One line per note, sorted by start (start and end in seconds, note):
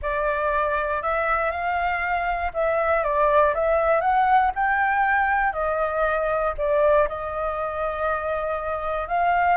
0.02 1.02 D5
1.02 1.51 E5
1.51 2.52 F5
2.53 3.03 E5
3.03 3.54 D5
3.54 4.00 E5
4.00 4.51 F#5
4.55 5.52 G5
5.52 6.53 D#5
6.57 7.07 D5
7.08 9.08 D#5
9.08 9.57 F5